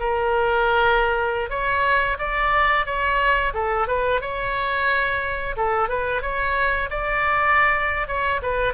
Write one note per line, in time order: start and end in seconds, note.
0.00 1.50 A#4
1.50 2.18 C#5
2.18 2.86 D5
2.86 3.53 C#5
3.54 3.87 A4
3.88 4.21 B4
4.21 5.56 C#5
5.56 5.89 A4
5.89 6.22 B4
6.22 6.89 C#5
6.90 8.07 D5
8.07 8.41 C#5
8.42 8.74 B4